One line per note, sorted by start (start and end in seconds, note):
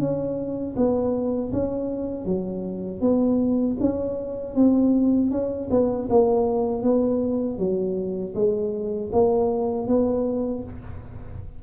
0.00 0.76 C#4
0.77 1.53 B3
1.53 2.26 C#4
2.26 3.01 F#3
3.01 3.77 B3
3.81 4.55 C#4
4.55 5.31 C4
5.31 5.69 C#4
5.71 6.09 B3
6.10 6.83 A#3
6.83 7.59 B3
7.59 8.35 F#3
8.35 9.11 G#3
9.13 9.88 A#3
9.88 10.64 B3